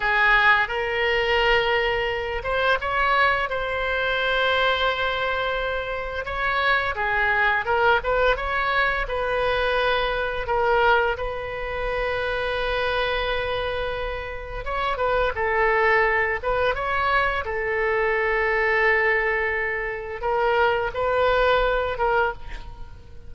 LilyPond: \new Staff \with { instrumentName = "oboe" } { \time 4/4 \tempo 4 = 86 gis'4 ais'2~ ais'8 c''8 | cis''4 c''2.~ | c''4 cis''4 gis'4 ais'8 b'8 | cis''4 b'2 ais'4 |
b'1~ | b'4 cis''8 b'8 a'4. b'8 | cis''4 a'2.~ | a'4 ais'4 b'4. ais'8 | }